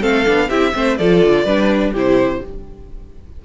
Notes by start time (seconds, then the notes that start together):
0.00 A3 C4 A4 F5
0.25 B3 D4
0.48 C4 E4 G4 E5
0.73 A3 C4 C5
0.97 F3 F4 A4 D5
1.23 D3
1.44 G3 D4 B4
1.91 C3 E4 G4 C5